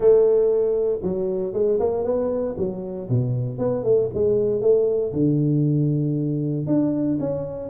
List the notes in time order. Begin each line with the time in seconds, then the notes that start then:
0.00 A3
1.02 F#3
1.53 G#3
1.79 A#3
2.04 B3
2.57 F#3
3.09 B2
3.58 B3
3.83 A3
4.14 G#3
4.61 A3
5.13 D3
6.66 D4
7.19 C#4